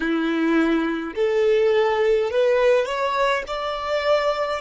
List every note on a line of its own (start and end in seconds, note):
0.00 1.14 E4
1.15 2.30 A4
2.31 2.85 B4
2.85 3.43 C#5
3.47 4.60 D5